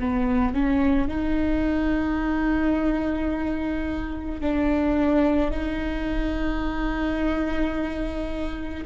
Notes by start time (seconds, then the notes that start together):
0.00 B3
0.55 C#4
1.09 D#4
4.41 D4
5.52 D#4